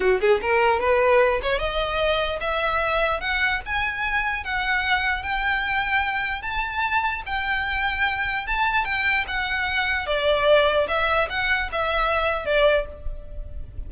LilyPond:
\new Staff \with { instrumentName = "violin" } { \time 4/4 \tempo 4 = 149 fis'8 gis'8 ais'4 b'4. cis''8 | dis''2 e''2 | fis''4 gis''2 fis''4~ | fis''4 g''2. |
a''2 g''2~ | g''4 a''4 g''4 fis''4~ | fis''4 d''2 e''4 | fis''4 e''2 d''4 | }